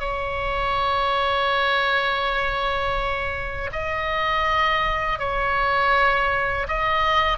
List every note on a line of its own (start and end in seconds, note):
0.00 3.70 C#5
3.72 5.19 D#5
5.19 6.67 C#5
6.68 7.38 D#5